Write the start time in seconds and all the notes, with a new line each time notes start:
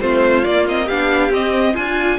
0.00 A3 C4 F4 C5
0.44 A#3 D5
0.68 C4 D#5
0.85 B3 D4 G4 F5
1.30 C4 D#5
1.73 D4 F4 G#5